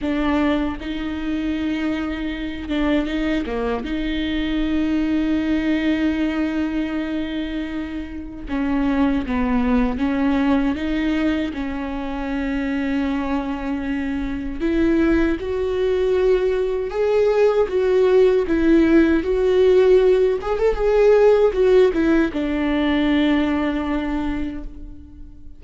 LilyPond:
\new Staff \with { instrumentName = "viola" } { \time 4/4 \tempo 4 = 78 d'4 dis'2~ dis'8 d'8 | dis'8 ais8 dis'2.~ | dis'2. cis'4 | b4 cis'4 dis'4 cis'4~ |
cis'2. e'4 | fis'2 gis'4 fis'4 | e'4 fis'4. gis'16 a'16 gis'4 | fis'8 e'8 d'2. | }